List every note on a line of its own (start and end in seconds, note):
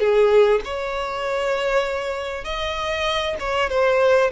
0.00 0.61 G#4
0.65 2.45 C#5
2.45 3.37 D#5
3.40 3.70 C#5
3.70 4.31 C5